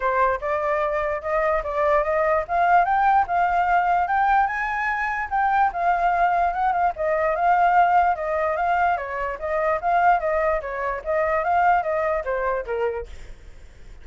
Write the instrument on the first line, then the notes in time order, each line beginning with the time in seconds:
flute
0.00 C5
0.41 D5
1.21 D#5
1.63 D5
2.03 D#5
2.48 F5
2.85 G5
3.27 F5
4.07 G5
4.47 G#5
5.30 G5
5.73 F5
6.53 F#5
6.72 F5
6.96 D#5
7.35 F5
8.15 D#5
8.56 F5
8.97 C#5
9.39 D#5
9.81 F5
10.19 D#5
10.61 C#5
11.04 D#5
11.44 F5
11.83 D#5
12.24 C5
12.65 A#4